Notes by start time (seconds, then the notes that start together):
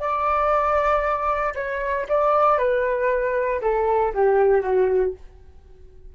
0.00 D5
1.55 C#5
2.09 D5
2.59 B4
3.62 A4
4.14 G4
4.62 F#4